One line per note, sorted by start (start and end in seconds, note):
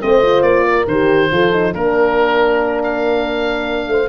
0.00 0.42 A3
0.00 0.22 C4
0.00 0.65 C5
0.00 0.42 D#5
0.22 0.86 F4
0.42 0.85 A#3
0.42 0.86 D5
0.65 1.29 A#4
0.87 1.30 D#3
0.87 1.31 G4
0.87 1.74 C5
1.31 1.74 F3
1.31 1.52 F4
1.31 1.73 A4
1.52 1.73 D#4
1.73 3.87 A#3
1.73 4.08 D4
1.73 3.89 A#4
1.73 2.82 A#4
2.83 4.08 F5
3.87 4.08 A3
3.87 4.08 C5